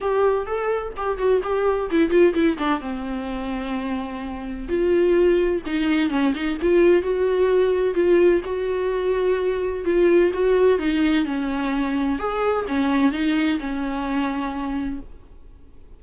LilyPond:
\new Staff \with { instrumentName = "viola" } { \time 4/4 \tempo 4 = 128 g'4 a'4 g'8 fis'8 g'4 | e'8 f'8 e'8 d'8 c'2~ | c'2 f'2 | dis'4 cis'8 dis'8 f'4 fis'4~ |
fis'4 f'4 fis'2~ | fis'4 f'4 fis'4 dis'4 | cis'2 gis'4 cis'4 | dis'4 cis'2. | }